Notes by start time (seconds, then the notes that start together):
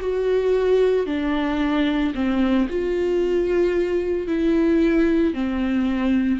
0.00 F#4
1.06 D4
2.14 C4
2.69 F4
4.27 E4
5.34 C4